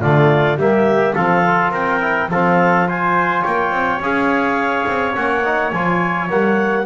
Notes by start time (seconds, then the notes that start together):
0.00 D3 A3 F4 D5
0.56 G3 A#3 G4 E5
1.14 F3 C4 A4 F5
1.45 F4
1.70 C4 A#4 G5
2.00 E4
2.28 F3 C4 A4 F5
2.86 F4 C5 G#5
3.42 A#3 C#5 G5
3.70 C4
3.99 C#4 G#4 F5
4.87 C4
5.13 A#3 C#4 F#5
5.44 D#4
5.71 F3 F4 G#5
6.28 G3 A#3 F#5